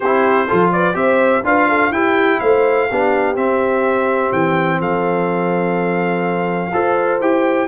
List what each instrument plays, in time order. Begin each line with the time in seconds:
0.00 tuba C4, trombone E4, horn G4, trumpet C5
0.47 tuba F3, trombone F4, horn A4
0.72 horn B4, trumpet D5
0.93 tuba C4, trombone G4, horn C5, trumpet E5
1.44 tuba D4, trombone F4, horn B4, trumpet F5
1.68 horn A4
1.90 tuba E4, trombone E4, horn G4, trumpet G5
2.40 tuba A3, horn C5, trumpet F5
2.88 tuba B3, trombone D4, horn G4
3.35 tuba C4, trombone C4, trumpet E5
4.32 tuba E3, trumpet G5
4.79 tuba F3, horn A4, trumpet F5
6.73 tuba F4, trombone A4, horn C5
7.20 tuba E4, trombone G4, trumpet G5